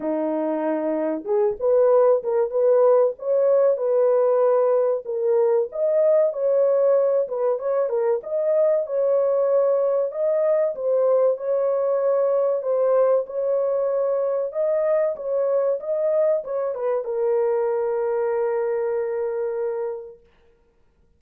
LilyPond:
\new Staff \with { instrumentName = "horn" } { \time 4/4 \tempo 4 = 95 dis'2 gis'8 b'4 ais'8 | b'4 cis''4 b'2 | ais'4 dis''4 cis''4. b'8 | cis''8 ais'8 dis''4 cis''2 |
dis''4 c''4 cis''2 | c''4 cis''2 dis''4 | cis''4 dis''4 cis''8 b'8 ais'4~ | ais'1 | }